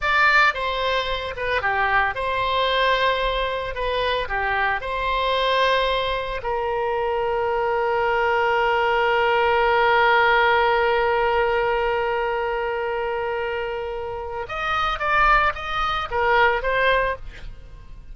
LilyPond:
\new Staff \with { instrumentName = "oboe" } { \time 4/4 \tempo 4 = 112 d''4 c''4. b'8 g'4 | c''2. b'4 | g'4 c''2. | ais'1~ |
ais'1~ | ais'1~ | ais'2. dis''4 | d''4 dis''4 ais'4 c''4 | }